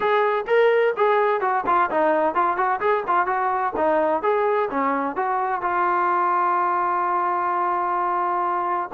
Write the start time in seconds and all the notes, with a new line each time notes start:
0.00 G#4
0.47 A#4
0.97 G#4
1.41 F#4
1.66 F4
1.90 D#4
2.35 F4
2.56 F#4
2.80 G#4
3.07 F4
3.26 F#4
3.76 D#4
4.22 G#4
4.70 C#4
5.15 F#4
5.61 F4